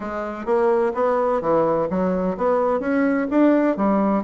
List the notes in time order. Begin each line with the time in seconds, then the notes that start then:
0.00 G#3
0.45 A#3
0.94 B3
1.41 E3
1.89 F#3
2.37 B3
2.80 C#4
3.30 D4
3.76 G3